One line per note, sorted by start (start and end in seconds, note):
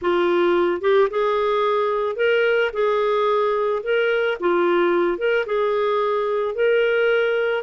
0.01 0.81 F4
0.81 1.08 G4
1.10 2.16 G#4
2.16 2.70 A#4
2.73 3.82 G#4
3.83 4.37 A#4
4.40 5.17 F4
5.17 5.45 A#4
5.46 6.55 G#4
6.55 7.63 A#4